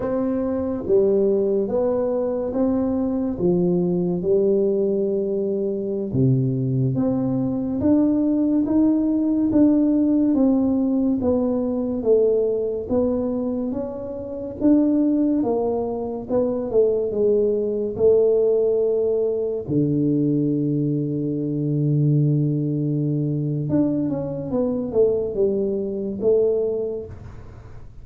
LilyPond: \new Staff \with { instrumentName = "tuba" } { \time 4/4 \tempo 4 = 71 c'4 g4 b4 c'4 | f4 g2~ g16 c8.~ | c16 c'4 d'4 dis'4 d'8.~ | d'16 c'4 b4 a4 b8.~ |
b16 cis'4 d'4 ais4 b8 a16~ | a16 gis4 a2 d8.~ | d1 | d'8 cis'8 b8 a8 g4 a4 | }